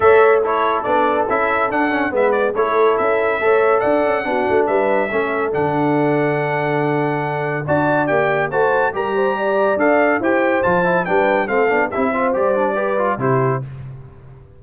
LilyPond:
<<
  \new Staff \with { instrumentName = "trumpet" } { \time 4/4 \tempo 4 = 141 e''4 cis''4 d''4 e''4 | fis''4 e''8 d''8 cis''4 e''4~ | e''4 fis''2 e''4~ | e''4 fis''2.~ |
fis''2 a''4 g''4 | a''4 ais''2 f''4 | g''4 a''4 g''4 f''4 | e''4 d''2 c''4 | }
  \new Staff \with { instrumentName = "horn" } { \time 4/4 cis''4 a'2.~ | a'4 b'4 a'2 | cis''4 d''4 fis'4 b'4 | a'1~ |
a'2 d''2 | c''4 ais'8 c''8 d''2 | c''2 b'4 a'4 | g'8 c''4. b'4 g'4 | }
  \new Staff \with { instrumentName = "trombone" } { \time 4/4 a'4 e'4 d'4 e'4 | d'8 cis'8 b4 e'2 | a'2 d'2 | cis'4 d'2.~ |
d'2 fis'4 g'4 | fis'4 g'2 a'4 | g'4 f'8 e'8 d'4 c'8 d'8 | e'8 f'8 g'8 d'8 g'8 f'8 e'4 | }
  \new Staff \with { instrumentName = "tuba" } { \time 4/4 a2 b4 cis'4 | d'4 gis4 a4 cis'4 | a4 d'8 cis'8 b8 a8 g4 | a4 d2.~ |
d2 d'4 ais4 | a4 g2 d'4 | e'4 f4 g4 a8 b8 | c'4 g2 c4 | }
>>